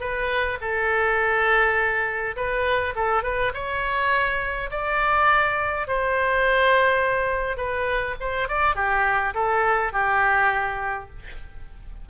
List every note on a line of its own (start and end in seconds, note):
0.00 0.58 B4
0.61 2.36 A4
2.36 2.94 B4
2.95 3.23 A4
3.23 3.52 B4
3.54 4.70 C#5
4.71 5.87 D5
5.88 7.57 C5
7.57 8.15 B4
8.20 8.48 C5
8.48 8.75 D5
8.75 9.34 G4
9.34 9.93 A4
9.93 11.09 G4